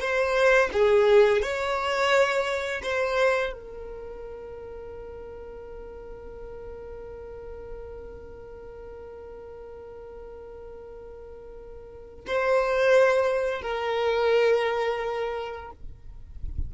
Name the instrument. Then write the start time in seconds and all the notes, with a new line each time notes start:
violin
0.00 C5
0.72 G#4
1.42 C#5
2.83 C5
3.53 A#4
12.26 C5
13.61 A#4